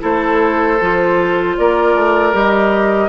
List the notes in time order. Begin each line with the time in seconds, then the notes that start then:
0.00 A3 E4 A4 C5
0.81 F3 F4
1.57 A#3 A#4 D5
1.95 A3
2.33 G3 G4 D#5